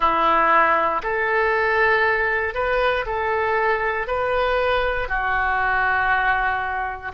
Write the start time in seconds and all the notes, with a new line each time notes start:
0.00 E4
1.02 A4
2.54 B4
3.06 A4
4.07 B4
5.08 F#4